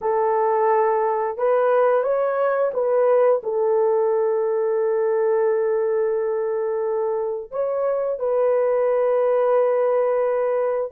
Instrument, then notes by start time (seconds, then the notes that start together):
horn
0.01 A4
1.37 B4
2.03 C#5
2.73 B4
3.43 A4
7.51 C#5
8.19 B4